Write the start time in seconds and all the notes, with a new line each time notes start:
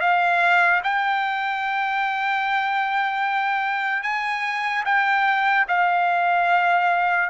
0.00 F5
0.83 G5
4.02 G#5
4.85 G5
5.68 F5